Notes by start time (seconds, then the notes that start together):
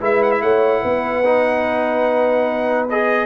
0.00 G#3 E4 B4 E5
0.22 F#5
0.31 E5
0.42 A3 C#5 F#5
0.81 B3 B4
1.24 D#4
2.89 G#4 D#5